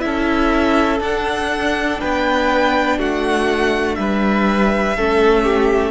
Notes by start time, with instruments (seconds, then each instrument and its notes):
0.00 cello C#4, viola E4, violin A4 E5
1.00 cello D4, viola D4, violin F#5
2.01 cello B3, violin B4 G5
2.98 cello A3, violin F#4 F#5
3.95 cello G3, violin B4 E5
4.97 cello A3, viola C#4, violin A4
5.44 violin G4